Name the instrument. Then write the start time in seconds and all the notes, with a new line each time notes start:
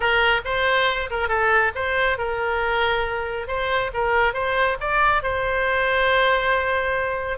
oboe
0.00 A#4
0.44 C5
1.10 A#4
1.28 A4
1.75 C5
2.18 A#4
3.47 C5
3.93 A#4
4.33 C5
4.80 D5
5.23 C5